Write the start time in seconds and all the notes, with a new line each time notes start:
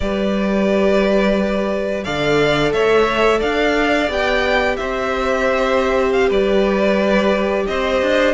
0.00 G3 G4 B4 D5
2.03 D3 A4 D5 F5
2.72 A3 C#5 E5
3.39 D4 D5 F5
4.08 B3 G4 G5
4.76 C4 C5 E5
6.12 F5
6.28 G3 B4 D5
7.66 C4 C5 D#5
8.01 D4